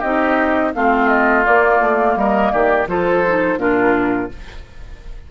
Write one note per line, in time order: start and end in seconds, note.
0.00 0.74 C4
0.00 0.74 D#4
0.00 0.71 G4
0.00 0.73 D#5
0.74 1.47 A3
0.74 1.44 C4
0.74 2.19 F4
0.74 1.09 F5
1.09 1.45 D#5
1.44 2.87 A#3
1.44 1.80 A#3
1.44 2.17 D5
1.80 2.16 A3
2.16 2.52 G3
2.16 2.53 A#4
2.16 2.52 D#5
2.52 2.87 D#3
2.52 2.89 G4
2.52 2.87 D5
2.87 3.57 F3
2.87 3.24 F4
2.87 3.59 A4
2.87 3.60 C5
3.28 3.58 D#4
3.57 4.29 A#2
3.57 4.30 D4
3.57 4.31 F4
3.57 4.31 A#4